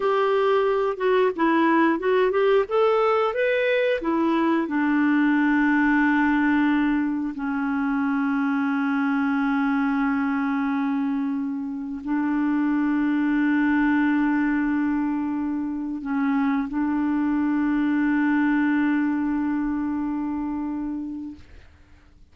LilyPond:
\new Staff \with { instrumentName = "clarinet" } { \time 4/4 \tempo 4 = 90 g'4. fis'8 e'4 fis'8 g'8 | a'4 b'4 e'4 d'4~ | d'2. cis'4~ | cis'1~ |
cis'2 d'2~ | d'1 | cis'4 d'2.~ | d'1 | }